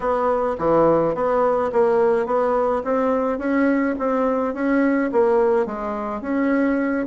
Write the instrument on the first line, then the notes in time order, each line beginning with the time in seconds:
bassoon
0.00 B3
0.58 E3
1.14 B3
1.72 A#3
2.26 B3
2.84 C4
3.38 C#4
3.98 C4
4.54 C#4
5.11 A#3
5.66 G#3
6.21 C#4